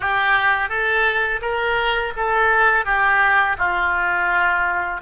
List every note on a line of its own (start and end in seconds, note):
0.00 0.69 G4
0.69 1.40 A4
1.41 2.13 A#4
2.16 2.85 A4
2.85 3.56 G4
3.58 5.01 F4